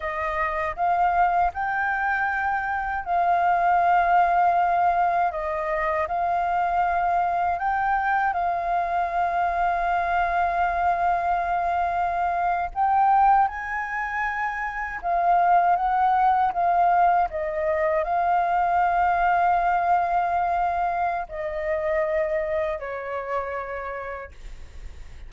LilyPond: \new Staff \with { instrumentName = "flute" } { \time 4/4 \tempo 4 = 79 dis''4 f''4 g''2 | f''2. dis''4 | f''2 g''4 f''4~ | f''1~ |
f''8. g''4 gis''2 f''16~ | f''8. fis''4 f''4 dis''4 f''16~ | f''1 | dis''2 cis''2 | }